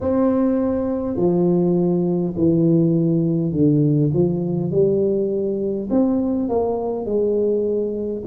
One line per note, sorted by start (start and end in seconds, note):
0.01 1.16 C4
1.16 2.34 F3
2.36 3.51 E3
3.51 4.10 D3
4.13 4.71 F3
4.71 5.88 G3
5.90 6.49 C4
6.49 7.05 A#3
7.05 8.23 G#3